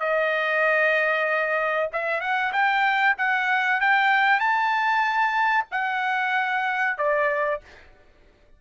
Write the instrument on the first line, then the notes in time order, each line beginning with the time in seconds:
trumpet
0.00 D#5
1.93 E5
2.21 F#5
2.53 G5
3.18 F#5
3.81 G5
4.40 A5
5.72 F#5
6.98 D5